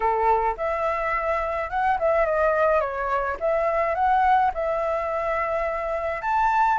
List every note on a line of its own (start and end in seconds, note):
0.00 0.55 A4
0.57 1.70 E5
1.70 1.98 F#5
1.99 2.25 E5
2.25 2.80 D#5
2.80 3.37 C#5
3.40 3.94 E5
3.94 4.51 F#5
4.53 6.21 E5
6.21 6.78 A5